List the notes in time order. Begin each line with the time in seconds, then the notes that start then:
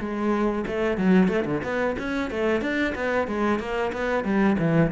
0.00 G#3
0.67 A3
0.98 F#3
1.29 A3
1.46 D3
1.64 B3
1.99 C#4
2.31 A3
2.62 D4
2.95 B3
3.28 G#3
3.60 A#3
3.93 B3
4.25 G3
4.59 E3